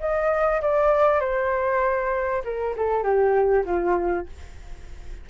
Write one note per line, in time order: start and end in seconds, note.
0.00 0.61 D#5
0.62 1.20 D5
1.20 2.42 C5
2.44 2.75 A#4
2.76 3.03 A4
3.03 3.64 G4
3.65 4.26 F4